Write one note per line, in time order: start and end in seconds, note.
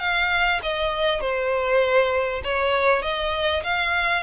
0.00 0.61 F5
0.63 1.21 D#5
1.21 2.42 C5
2.45 3.03 C#5
3.03 3.63 D#5
3.64 4.24 F5